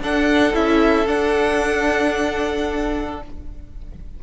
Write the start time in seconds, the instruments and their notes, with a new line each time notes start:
0.00 cello D4, viola D4, violin A4 F#5
0.53 cello C#4, viola E4, violin E5
1.07 cello D4, viola D4, violin F#5